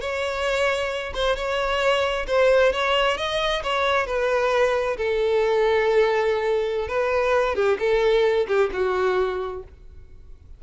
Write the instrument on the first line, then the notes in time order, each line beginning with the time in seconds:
violin
0.00 C#5
1.14 C5
1.36 C#5
2.27 C5
2.72 C#5
3.17 D#5
3.63 C#5
4.06 B4
4.97 A4
6.88 B4
7.55 G4
7.79 A4
8.47 G4
8.73 F#4